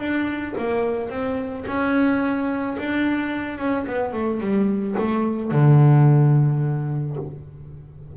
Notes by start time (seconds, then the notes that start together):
0.00 D4
0.58 A#3
1.10 C4
1.68 C#4
2.79 D4
3.59 C#4
3.87 B3
4.14 A3
4.41 G3
4.99 A3
5.52 D3